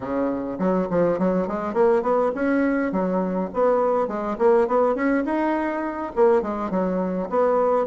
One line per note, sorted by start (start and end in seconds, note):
0.00 0.57 C#3
0.58 0.87 F#3
0.89 1.18 F3
1.18 1.47 F#3
1.47 1.73 G#3
1.73 2.02 A#3
2.02 2.31 B3
2.34 2.92 C#4
2.92 3.50 F#3
3.53 4.07 B3
4.07 4.36 G#3
4.38 4.67 A#3
4.67 4.95 B3
4.95 5.24 C#4
5.25 6.12 D#4
6.15 6.42 A#3
6.42 6.70 G#3
6.70 7.28 F#3
7.29 7.86 B3